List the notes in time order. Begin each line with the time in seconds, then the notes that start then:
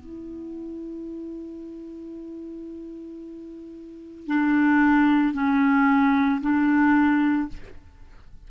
0.00 E4
4.28 D4
5.34 C#4
6.42 D4